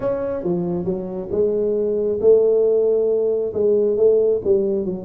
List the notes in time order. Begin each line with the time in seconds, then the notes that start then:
0.00 C#4
0.43 F3
0.84 F#3
1.31 G#3
2.20 A3
3.53 G#3
3.96 A3
4.44 G3
4.85 F#3